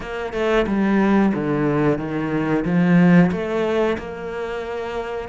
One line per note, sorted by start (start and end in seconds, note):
0.00 0.33 A#3
0.33 0.66 A3
0.67 1.32 G3
1.34 1.98 D3
1.98 2.64 D#3
2.64 3.30 F3
3.31 3.97 A3
3.98 5.29 A#3